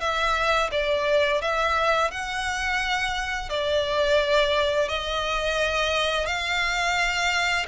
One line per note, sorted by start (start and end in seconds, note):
0.00 0.70 E5
0.71 1.41 D5
1.41 2.11 E5
2.11 3.49 F#5
3.49 4.88 D5
4.88 6.26 D#5
6.26 7.66 F5